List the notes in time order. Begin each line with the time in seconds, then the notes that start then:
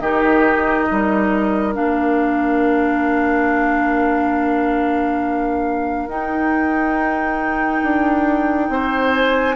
0.00 D#3 D#4 G4 D#5
0.88 G3 A#4
1.73 A#3 D4 F5
6.08 D#4 G5
7.83 D4
8.69 C4 C5
9.12 G#5